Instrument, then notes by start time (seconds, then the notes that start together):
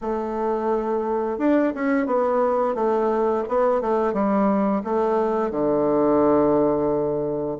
bassoon
0.01 A3
1.38 D4
1.74 C#4
2.06 B3
2.74 A3
3.48 B3
3.81 A3
4.13 G3
4.84 A3
5.50 D3